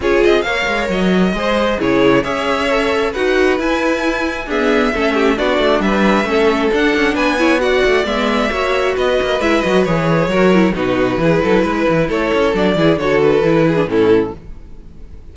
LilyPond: <<
  \new Staff \with { instrumentName = "violin" } { \time 4/4 \tempo 4 = 134 cis''8 dis''8 f''4 dis''2 | cis''4 e''2 fis''4 | gis''2 e''2 | d''4 e''2 fis''4 |
gis''4 fis''4 e''2 | dis''4 e''8 dis''8 cis''2 | b'2. cis''4 | d''4 cis''8 b'4. a'4 | }
  \new Staff \with { instrumentName = "violin" } { \time 4/4 gis'4 cis''2 c''4 | gis'4 cis''2 b'4~ | b'2 gis'4 a'8 g'8 | fis'4 b'4 a'2 |
b'8 cis''8 d''2 cis''4 | b'2. ais'4 | fis'4 gis'8 a'8 b'4 a'4~ | a'8 gis'8 a'4. gis'8 e'4 | }
  \new Staff \with { instrumentName = "viola" } { \time 4/4 f'4 ais'2 gis'4 | e'4 gis'4 a'4 fis'4 | e'2 b4 cis'4 | d'2 cis'4 d'4~ |
d'8 e'8 fis'4 b4 fis'4~ | fis'4 e'8 fis'8 gis'4 fis'8 e'8 | dis'4 e'2. | d'8 e'8 fis'4 e'8. d'16 cis'4 | }
  \new Staff \with { instrumentName = "cello" } { \time 4/4 cis'8 c'8 ais8 gis8 fis4 gis4 | cis4 cis'2 dis'4 | e'2 d'4 a4 | b8 a8 g4 a4 d'8 cis'8 |
b4. a8 gis4 ais4 | b8 ais8 gis8 fis8 e4 fis4 | b,4 e8 fis8 gis8 e8 a8 cis'8 | fis8 e8 d4 e4 a,4 | }
>>